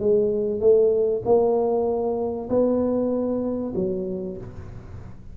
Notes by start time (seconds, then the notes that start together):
0.00 G#3
0.61 A3
1.25 A#3
2.50 B3
3.75 F#3